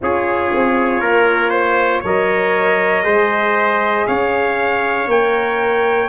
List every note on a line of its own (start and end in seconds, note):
0.01 0.52 C#4
0.01 2.04 F4
0.01 1.00 G#4
0.01 2.05 C#5
0.53 1.00 C4
1.00 2.02 A#3
1.00 1.49 A#4
1.49 2.00 C5
2.00 3.05 F#3
2.00 3.03 A#4
2.00 3.02 C#5
2.00 4.07 D#5
3.03 4.06 G#3
3.03 5.07 G#4
3.03 4.05 C5
4.07 5.07 C#4
4.07 6.08 C#5
4.07 5.08 F5
5.07 6.08 A#3
5.07 6.08 A#4
5.07 6.08 G5